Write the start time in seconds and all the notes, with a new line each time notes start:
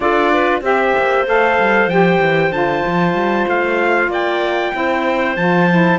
0.00 D4 F4 A4 D5
0.32 B4
0.61 C4 G4 C5 E5
0.98 A#3
1.27 A3 A4 F5
1.59 G3
1.86 F3 G4 G5
2.20 E3
2.51 D3 F4 A5
2.86 F3
3.13 G3
3.47 A3 F5
4.07 A#3 D5 G5
4.72 C4 E4 C5
5.36 F3 F4 A5
5.70 E4